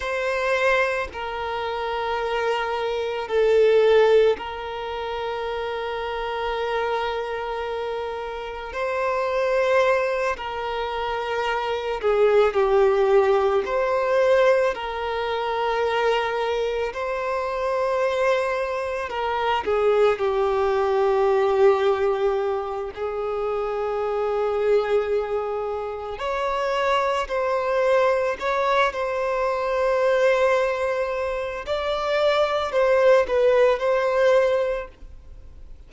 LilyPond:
\new Staff \with { instrumentName = "violin" } { \time 4/4 \tempo 4 = 55 c''4 ais'2 a'4 | ais'1 | c''4. ais'4. gis'8 g'8~ | g'8 c''4 ais'2 c''8~ |
c''4. ais'8 gis'8 g'4.~ | g'4 gis'2. | cis''4 c''4 cis''8 c''4.~ | c''4 d''4 c''8 b'8 c''4 | }